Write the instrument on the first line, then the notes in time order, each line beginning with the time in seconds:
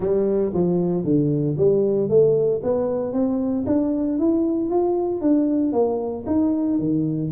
tuba
0.00 G3
0.53 F3
1.04 D3
1.57 G3
2.09 A3
2.63 B3
3.12 C4
3.66 D4
4.19 E4
4.70 F4
5.21 D4
5.72 A#3
6.26 D#4
6.78 D#3